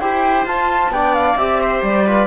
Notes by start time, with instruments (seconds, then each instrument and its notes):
0.00 cello E4, trombone G4, viola C5, flute G5
0.46 cello F4, trombone F4, flute A5
0.89 cello B3, trombone D4, viola D5, flute G5
1.15 flute F5
1.36 cello C4, trombone G4, flute E5
1.62 viola C5
1.83 cello G3, flute D5
2.07 trombone F4, viola B4